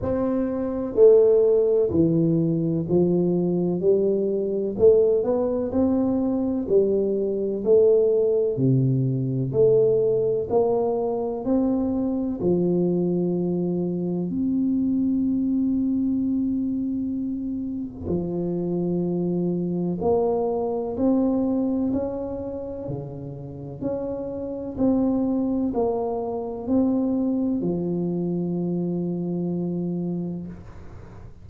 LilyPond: \new Staff \with { instrumentName = "tuba" } { \time 4/4 \tempo 4 = 63 c'4 a4 e4 f4 | g4 a8 b8 c'4 g4 | a4 c4 a4 ais4 | c'4 f2 c'4~ |
c'2. f4~ | f4 ais4 c'4 cis'4 | cis4 cis'4 c'4 ais4 | c'4 f2. | }